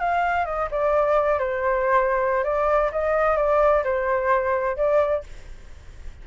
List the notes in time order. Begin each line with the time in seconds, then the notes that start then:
0.00 F5
0.45 D#5
0.71 D5
1.39 C5
2.44 D5
2.92 D#5
3.37 D5
3.84 C5
4.77 D5